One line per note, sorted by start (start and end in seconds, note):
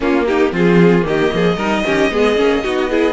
0.00 0.51 A#3
0.00 0.52 A#3
0.00 0.25 C#4
0.00 0.26 F4
0.26 0.53 D#4
0.26 0.52 G4
0.51 1.04 F3
0.51 1.01 C4
0.51 1.05 F4
0.51 1.07 G#4
1.01 1.30 D#3
1.01 1.54 A#3
1.01 3.12 D#5
1.08 1.34 G4
1.33 1.56 F3
1.33 1.56 G#4
1.56 1.82 G3
1.56 1.84 D#4
1.56 1.83 A#4
1.84 2.10 D#3
1.84 2.10 C#4
1.84 2.12 G4
2.10 2.36 G#3
2.10 2.36 B3
2.10 2.63 G#4
2.36 2.63 A#3
2.36 2.62 C#4
2.63 3.12 B3
2.63 2.89 D#4
2.63 2.89 F#4
2.89 3.12 E4
2.89 3.12 G#4